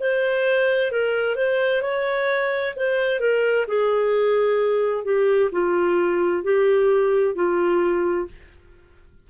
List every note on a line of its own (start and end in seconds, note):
0.00 0.91 C5
0.91 1.36 A#4
1.36 1.82 C5
1.82 2.74 C#5
2.76 3.20 C5
3.20 3.66 A#4
3.68 5.04 G#4
5.04 5.50 G4
5.52 6.44 F4
6.44 7.35 G4
7.35 8.27 F4